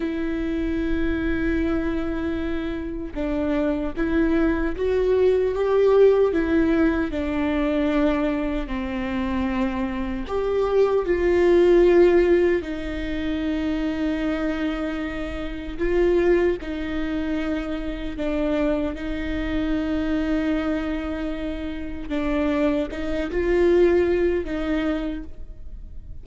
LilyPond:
\new Staff \with { instrumentName = "viola" } { \time 4/4 \tempo 4 = 76 e'1 | d'4 e'4 fis'4 g'4 | e'4 d'2 c'4~ | c'4 g'4 f'2 |
dis'1 | f'4 dis'2 d'4 | dis'1 | d'4 dis'8 f'4. dis'4 | }